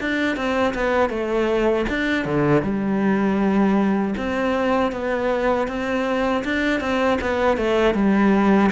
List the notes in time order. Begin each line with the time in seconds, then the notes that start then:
0.00 D4
0.36 C4
0.74 B3
1.09 A3
1.89 D4
2.25 D3
2.62 G3
4.17 C4
4.92 B3
5.67 C4
6.44 D4
6.80 C4
7.21 B3
7.57 A3
7.94 G3